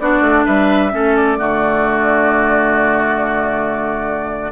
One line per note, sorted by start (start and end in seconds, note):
0.00 0.21 B3
0.00 0.92 D4
0.00 0.46 F#4
0.00 0.47 D5
0.21 0.45 A3
0.46 0.94 G3
0.46 0.92 B4
0.46 1.16 E5
0.92 1.39 A3
0.92 1.38 C#4
0.92 1.39 A4
1.16 4.53 D5
1.38 4.53 D3
1.38 4.52 A3
1.38 4.53 F#4